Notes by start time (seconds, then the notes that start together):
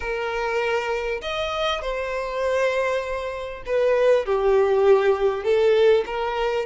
0.00 A#4
1.21 D#5
1.81 C5
3.66 B4
4.25 G4
5.44 A4
6.06 A#4